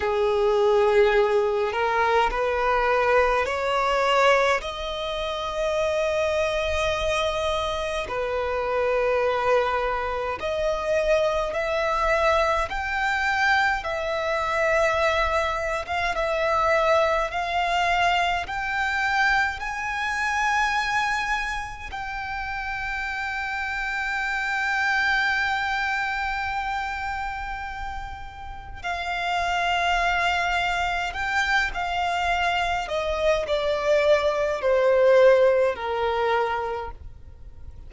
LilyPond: \new Staff \with { instrumentName = "violin" } { \time 4/4 \tempo 4 = 52 gis'4. ais'8 b'4 cis''4 | dis''2. b'4~ | b'4 dis''4 e''4 g''4 | e''4.~ e''16 f''16 e''4 f''4 |
g''4 gis''2 g''4~ | g''1~ | g''4 f''2 g''8 f''8~ | f''8 dis''8 d''4 c''4 ais'4 | }